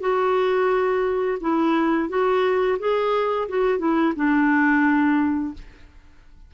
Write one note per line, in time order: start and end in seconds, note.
0.00 1.38 F#4
1.41 2.09 E4
2.09 2.78 F#4
2.79 3.48 G#4
3.49 3.79 F#4
3.79 4.13 E4
4.16 5.54 D4